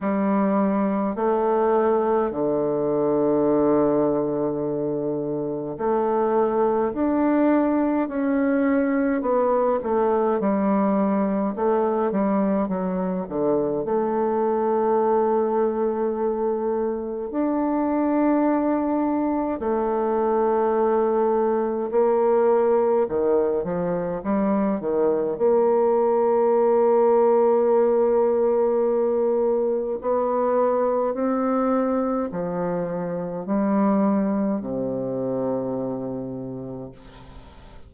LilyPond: \new Staff \with { instrumentName = "bassoon" } { \time 4/4 \tempo 4 = 52 g4 a4 d2~ | d4 a4 d'4 cis'4 | b8 a8 g4 a8 g8 fis8 d8 | a2. d'4~ |
d'4 a2 ais4 | dis8 f8 g8 dis8 ais2~ | ais2 b4 c'4 | f4 g4 c2 | }